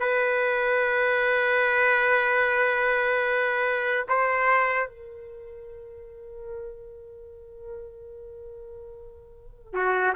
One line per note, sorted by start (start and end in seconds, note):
0.00 4.05 B4
4.09 4.88 C5
4.88 9.73 A#4
9.73 10.14 F#4